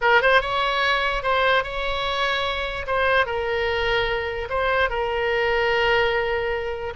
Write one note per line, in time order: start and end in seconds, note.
0.01 0.21 A#4
0.21 0.41 C5
0.41 1.22 C#5
1.22 1.63 C5
1.63 2.86 C#5
2.86 3.26 C5
3.26 4.48 A#4
4.49 4.89 C5
4.89 6.93 A#4